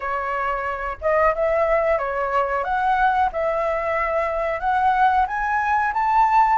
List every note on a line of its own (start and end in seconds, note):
0.00 0.97 C#5
1.01 1.34 D#5
1.34 1.98 E5
1.98 2.63 C#5
2.63 3.29 F#5
3.32 4.59 E5
4.59 5.25 F#5
5.27 5.93 G#5
5.93 6.58 A5